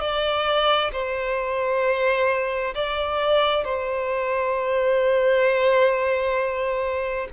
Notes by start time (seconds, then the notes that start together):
0.00 D5
0.93 C5
2.75 D5
3.64 C5